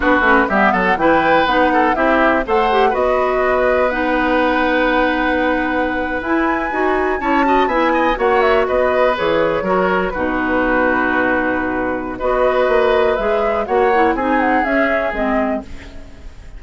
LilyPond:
<<
  \new Staff \with { instrumentName = "flute" } { \time 4/4 \tempo 4 = 123 b'4 e''8 fis''8 g''4 fis''4 | e''4 fis''4 dis''2 | fis''1~ | fis''8. gis''2 a''4 gis''16~ |
gis''8. fis''8 e''8 dis''4 cis''4~ cis''16~ | cis''8. b'2.~ b'16~ | b'4 dis''2 e''4 | fis''4 gis''8 fis''8 e''4 dis''4 | }
  \new Staff \with { instrumentName = "oboe" } { \time 4/4 fis'4 g'8 a'8 b'4. a'8 | g'4 c''4 b'2~ | b'1~ | b'2~ b'8. cis''8 dis''8 e''16~ |
e''16 dis''8 cis''4 b'2 ais'16~ | ais'8. fis'2.~ fis'16~ | fis'4 b'2. | cis''4 gis'2. | }
  \new Staff \with { instrumentName = "clarinet" } { \time 4/4 d'8 cis'8 b4 e'4 dis'4 | e'4 a'8 g'8 fis'2 | dis'1~ | dis'8. e'4 fis'4 e'8 fis'8 e'16~ |
e'8. fis'2 gis'4 fis'16~ | fis'8. dis'2.~ dis'16~ | dis'4 fis'2 gis'4 | fis'8 e'8 dis'4 cis'4 c'4 | }
  \new Staff \with { instrumentName = "bassoon" } { \time 4/4 b8 a8 g8 fis8 e4 b4 | c'4 a4 b2~ | b1~ | b8. e'4 dis'4 cis'4 b16~ |
b8. ais4 b4 e4 fis16~ | fis8. b,2.~ b,16~ | b,4 b4 ais4 gis4 | ais4 c'4 cis'4 gis4 | }
>>